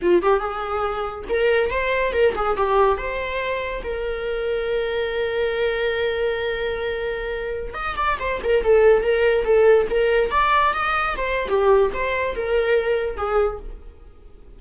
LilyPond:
\new Staff \with { instrumentName = "viola" } { \time 4/4 \tempo 4 = 141 f'8 g'8 gis'2 ais'4 | c''4 ais'8 gis'8 g'4 c''4~ | c''4 ais'2.~ | ais'1~ |
ais'2~ ais'16 dis''8 d''8 c''8 ais'16~ | ais'16 a'4 ais'4 a'4 ais'8.~ | ais'16 d''4 dis''4 c''8. g'4 | c''4 ais'2 gis'4 | }